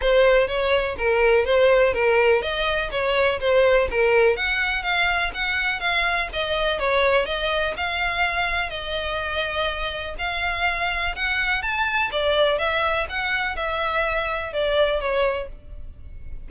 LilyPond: \new Staff \with { instrumentName = "violin" } { \time 4/4 \tempo 4 = 124 c''4 cis''4 ais'4 c''4 | ais'4 dis''4 cis''4 c''4 | ais'4 fis''4 f''4 fis''4 | f''4 dis''4 cis''4 dis''4 |
f''2 dis''2~ | dis''4 f''2 fis''4 | a''4 d''4 e''4 fis''4 | e''2 d''4 cis''4 | }